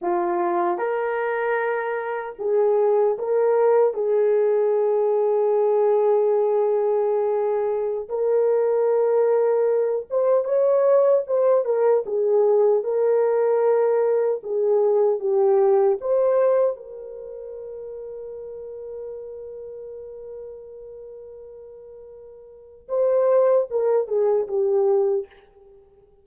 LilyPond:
\new Staff \with { instrumentName = "horn" } { \time 4/4 \tempo 4 = 76 f'4 ais'2 gis'4 | ais'4 gis'2.~ | gis'2~ gis'16 ais'4.~ ais'16~ | ais'8. c''8 cis''4 c''8 ais'8 gis'8.~ |
gis'16 ais'2 gis'4 g'8.~ | g'16 c''4 ais'2~ ais'8.~ | ais'1~ | ais'4 c''4 ais'8 gis'8 g'4 | }